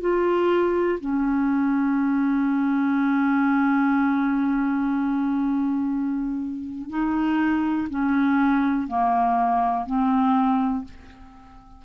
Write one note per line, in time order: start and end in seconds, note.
0.00 0.98 F4
1.00 6.89 C#4
6.89 7.88 D#4
7.89 8.87 C#4
8.87 9.86 A#3
9.86 10.84 C4